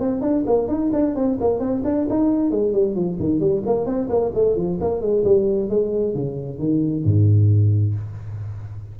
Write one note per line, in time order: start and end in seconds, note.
0.00 0.21 C4
0.21 0.44 D4
0.46 0.68 A#3
0.68 0.90 D#4
0.93 1.15 D4
1.15 1.38 C4
1.40 1.59 A#3
1.59 1.82 C4
1.84 2.07 D4
2.10 2.50 D#4
2.50 2.73 G#3
2.73 2.95 G3
2.95 3.18 F3
3.19 3.40 D#3
3.40 3.62 G3
3.66 3.86 A#3
3.86 4.08 C4
4.09 4.32 A#3
4.34 4.56 A3
4.56 4.79 F3
4.80 5.01 A#3
5.01 5.24 G#3
5.24 5.69 G3
5.69 6.14 G#3
6.14 6.59 C#3
6.59 7.04 D#3
7.04 7.95 G#2